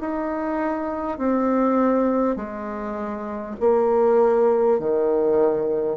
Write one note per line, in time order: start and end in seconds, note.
0.00 1.18 D#4
1.18 2.36 C4
2.36 3.56 G#3
3.60 4.79 A#3
4.79 5.97 D#3